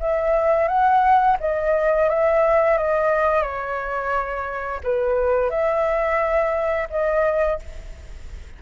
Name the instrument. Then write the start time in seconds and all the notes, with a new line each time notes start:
flute
0.00 E5
0.68 F#5
1.40 D#5
2.09 E5
2.77 D#5
3.42 C#5
4.83 B4
5.50 E5
6.90 D#5